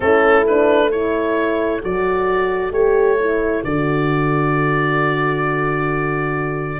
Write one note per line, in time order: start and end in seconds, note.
0.00 1.80 A3
0.00 0.45 C#4
0.00 0.87 E4
0.00 0.45 A4
0.47 0.91 D4
0.47 0.91 B4
0.87 1.80 E4
0.87 6.77 A4
0.87 1.82 C#5
1.80 2.71 F#3
1.80 2.71 F#4
1.80 2.73 D5
2.71 3.62 A3
2.71 3.17 G4
2.71 3.63 C#5
3.20 3.65 E4
3.63 6.79 D3
3.63 6.79 F#4
3.63 6.79 D5